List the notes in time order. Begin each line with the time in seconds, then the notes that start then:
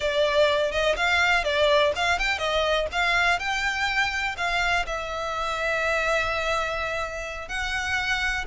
0.00 D5
0.71 D#5
0.96 F5
1.44 D5
1.95 F5
2.19 G5
2.38 D#5
2.91 F5
3.39 G5
4.37 F5
4.86 E5
7.48 F#5